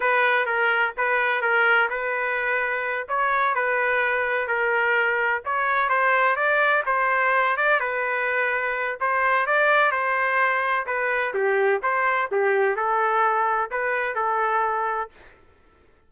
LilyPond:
\new Staff \with { instrumentName = "trumpet" } { \time 4/4 \tempo 4 = 127 b'4 ais'4 b'4 ais'4 | b'2~ b'8 cis''4 b'8~ | b'4. ais'2 cis''8~ | cis''8 c''4 d''4 c''4. |
d''8 b'2~ b'8 c''4 | d''4 c''2 b'4 | g'4 c''4 g'4 a'4~ | a'4 b'4 a'2 | }